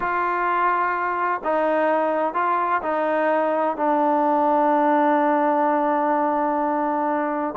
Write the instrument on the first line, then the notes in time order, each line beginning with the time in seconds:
trombone
0.00 F4
1.43 D#4
2.34 F4
2.82 D#4
3.76 D4